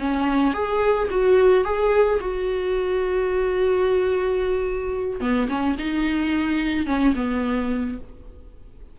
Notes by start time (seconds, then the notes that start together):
0.00 C#4
0.54 G#4
1.11 F#4
1.65 G#4
2.21 F#4
5.21 B3
5.49 C#4
5.79 D#4
6.87 C#4
7.16 B3